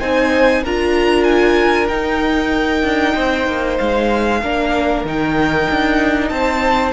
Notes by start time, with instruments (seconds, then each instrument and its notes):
0.00 cello C4, viola D#4, violin C5 G#5
0.63 cello D4, viola F4, violin A#4 A#5
1.24 violin G#5
1.89 viola D#4, cello D#4, violin G5
2.83 cello D4
3.15 cello C4, violin C5
3.48 cello A#3
3.78 cello G#3, violin F5
4.43 cello A#3, viola D4, violin A#4
5.05 cello D#3, viola D#4, violin G5
5.71 cello D4
6.29 cello C4, violin C5 A5